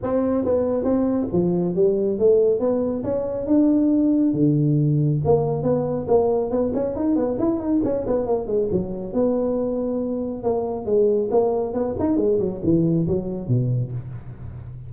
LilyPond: \new Staff \with { instrumentName = "tuba" } { \time 4/4 \tempo 4 = 138 c'4 b4 c'4 f4 | g4 a4 b4 cis'4 | d'2 d2 | ais4 b4 ais4 b8 cis'8 |
dis'8 b8 e'8 dis'8 cis'8 b8 ais8 gis8 | fis4 b2. | ais4 gis4 ais4 b8 dis'8 | gis8 fis8 e4 fis4 b,4 | }